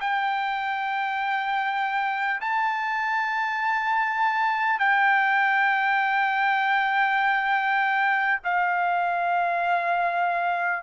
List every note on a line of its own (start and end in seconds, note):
0.00 2.40 G5
2.41 4.79 A5
4.79 8.39 G5
8.44 10.82 F5